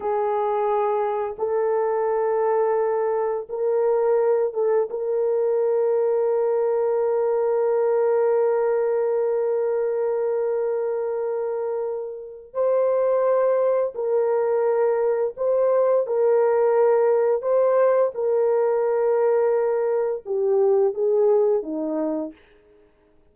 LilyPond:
\new Staff \with { instrumentName = "horn" } { \time 4/4 \tempo 4 = 86 gis'2 a'2~ | a'4 ais'4. a'8 ais'4~ | ais'1~ | ais'1~ |
ais'2 c''2 | ais'2 c''4 ais'4~ | ais'4 c''4 ais'2~ | ais'4 g'4 gis'4 dis'4 | }